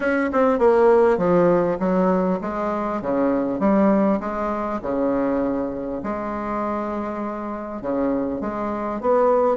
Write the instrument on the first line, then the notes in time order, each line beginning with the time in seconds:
bassoon
0.00 C#4
0.32 C4
0.58 A#3
1.17 F3
1.79 F#3
2.41 G#3
3.01 C#3
3.59 G3
4.20 G#3
4.82 C#3
6.03 G#3
7.81 C#3
8.40 G#3
9.01 B3